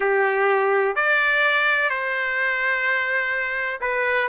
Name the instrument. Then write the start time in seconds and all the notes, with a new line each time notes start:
trumpet
0.00 G4
0.95 D5
1.89 C5
3.81 B4